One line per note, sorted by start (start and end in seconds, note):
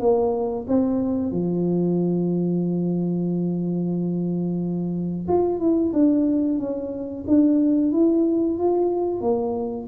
0.00 0.66 A#3
0.68 1.32 C4
1.32 5.27 F3
5.28 5.60 F4
5.60 5.93 E4
5.93 6.59 D4
6.59 7.25 C#4
7.27 7.92 D4
7.92 8.58 E4
8.58 9.21 F4
9.21 9.87 A#3